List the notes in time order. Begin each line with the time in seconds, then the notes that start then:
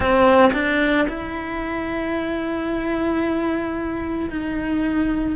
0.00 C4
0.53 D4
1.08 E4
4.30 D#4